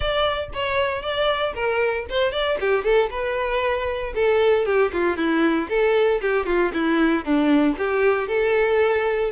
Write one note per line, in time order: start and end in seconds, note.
0.00 0.49 D5
0.53 1.02 C#5
1.02 1.53 D5
1.54 2.06 A#4
2.09 2.32 C5
2.32 2.58 D5
2.60 2.84 G4
2.84 3.09 A4
3.10 4.13 B4
4.14 4.65 A4
4.65 4.91 G4
4.93 5.16 F4
5.16 5.68 E4
5.69 6.21 A4
6.21 6.46 G4
6.46 6.71 F4
6.73 7.24 E4
7.24 7.76 D4
7.78 8.28 G4
8.28 9.31 A4